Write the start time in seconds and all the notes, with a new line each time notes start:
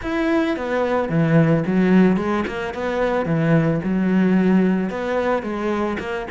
0.02 E4
0.56 B3
1.09 E3
1.66 F#3
2.17 G#3
2.47 A#3
2.73 B3
3.25 E3
3.83 F#3
4.90 B3
5.42 G#3
5.99 A#3